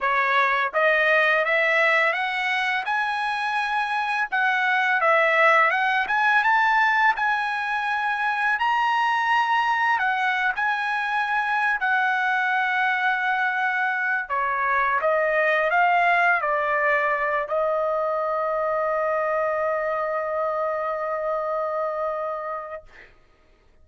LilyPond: \new Staff \with { instrumentName = "trumpet" } { \time 4/4 \tempo 4 = 84 cis''4 dis''4 e''4 fis''4 | gis''2 fis''4 e''4 | fis''8 gis''8 a''4 gis''2 | ais''2 fis''8. gis''4~ gis''16~ |
gis''8 fis''2.~ fis''8 | cis''4 dis''4 f''4 d''4~ | d''8 dis''2.~ dis''8~ | dis''1 | }